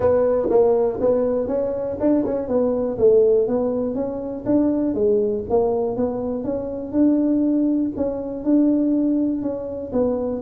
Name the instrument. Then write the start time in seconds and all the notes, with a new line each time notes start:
tuba
0.00 B3
0.49 A#3
1.00 B3
1.47 C#4
2.00 D4
2.25 C#4
2.48 B3
2.98 A3
3.47 B3
3.94 C#4
4.45 D4
4.94 G#3
5.49 A#3
5.96 B3
6.43 C#4
6.92 D4
7.96 C#4
8.44 D4
9.41 C#4
9.92 B3